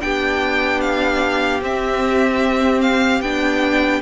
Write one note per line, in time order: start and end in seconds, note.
0.00 1.61 B3
0.00 1.60 D4
0.00 4.01 G4
0.00 0.81 G5
0.81 1.61 F5
1.61 3.21 C4
1.61 3.23 C4
1.61 2.81 E5
2.81 3.21 F5
3.21 4.01 B3
3.21 4.01 D4
3.21 4.01 G5